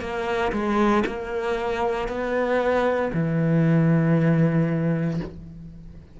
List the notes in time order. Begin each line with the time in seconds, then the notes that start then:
0.00 A#3
0.52 G#3
1.06 A#3
2.08 B3
3.13 E3